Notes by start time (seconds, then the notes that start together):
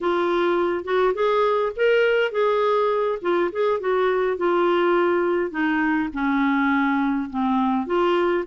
0.00 F4
0.84 F#4
1.14 G#4
1.76 A#4
2.31 G#4
3.21 F4
3.52 G#4
3.79 F#4
4.37 F4
5.50 D#4
6.13 C#4
7.30 C4
7.86 F4